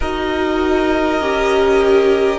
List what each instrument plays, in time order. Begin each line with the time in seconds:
0.00 cello D#4, viola F#4, violin A#4 D#5
1.20 cello C#4, viola G4